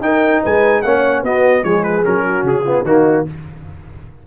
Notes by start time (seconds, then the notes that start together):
0.00 D#4 A#4 G5
0.43 G#3 B4 G#5
0.82 A#3 C#4 C#5 F#5
1.22 B3 F#4 D#5
1.63 F3 G#3 G#4 C#5
1.83 B4
2.04 F#3 C#4 A#4
2.26 F#4
2.43 C#3 G#4
2.64 B3 F4
2.83 D#3 A#3 D#4 F#4